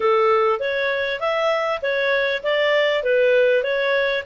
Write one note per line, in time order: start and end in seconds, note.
0.00 0.59 A4
0.59 1.20 C#5
1.20 1.80 E5
1.82 2.42 C#5
2.43 3.03 D5
3.03 3.63 B4
3.63 4.23 C#5